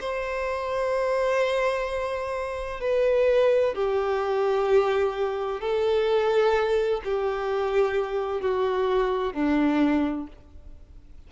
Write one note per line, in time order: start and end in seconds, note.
0.00 2.80 C5
2.80 3.74 B4
3.74 5.60 G4
5.60 7.01 A4
7.04 8.41 G4
8.41 9.33 F#4
9.33 10.27 D4